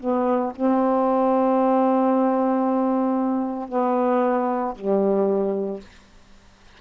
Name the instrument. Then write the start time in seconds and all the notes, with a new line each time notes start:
saxophone
0.00 B3
0.56 C4
3.69 B3
4.75 G3